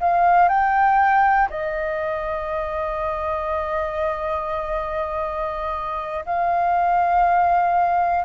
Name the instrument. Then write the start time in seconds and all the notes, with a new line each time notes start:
flute
0.00 F5
0.48 G5
1.50 D#5
6.25 F5